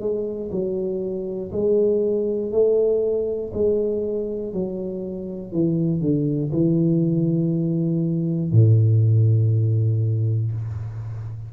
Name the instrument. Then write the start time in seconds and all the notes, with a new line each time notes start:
tuba
0.00 G#3
0.51 F#3
1.52 G#3
2.52 A3
3.53 G#3
4.53 F#3
5.52 E3
6.01 D3
6.52 E3
8.51 A2